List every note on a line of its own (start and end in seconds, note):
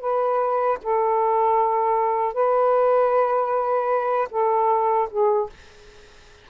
0.00 0.78 B4
0.83 2.33 A4
2.33 4.28 B4
4.31 5.09 A4
5.10 5.49 G#4